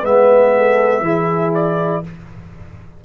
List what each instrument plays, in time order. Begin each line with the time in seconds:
0.00 tuba G#3, trombone B3, horn B4, trumpet E5
0.57 horn A4
1.00 tuba E3, trombone E4, horn G#4
1.54 trumpet D5